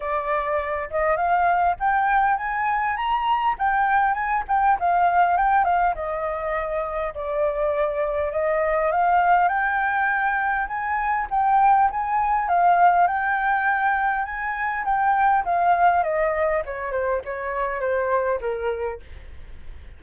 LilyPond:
\new Staff \with { instrumentName = "flute" } { \time 4/4 \tempo 4 = 101 d''4. dis''8 f''4 g''4 | gis''4 ais''4 g''4 gis''8 g''8 | f''4 g''8 f''8 dis''2 | d''2 dis''4 f''4 |
g''2 gis''4 g''4 | gis''4 f''4 g''2 | gis''4 g''4 f''4 dis''4 | cis''8 c''8 cis''4 c''4 ais'4 | }